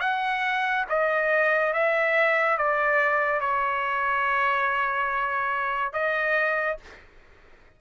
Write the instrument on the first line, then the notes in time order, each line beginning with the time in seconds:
trumpet
0.00 F#5
0.89 D#5
1.73 E5
2.57 D5
3.40 C#5
5.92 D#5